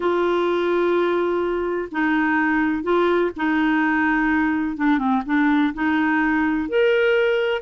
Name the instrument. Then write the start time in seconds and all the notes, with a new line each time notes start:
clarinet
0.00 F4
1.91 D#4
2.83 F4
3.36 D#4
4.77 D4
4.98 C4
5.25 D4
5.74 D#4
6.68 A#4